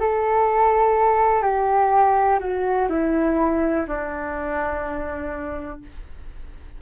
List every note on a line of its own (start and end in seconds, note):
0.00 1.42 A4
1.42 2.39 G4
2.39 2.88 F#4
2.89 3.86 E4
3.87 5.81 D4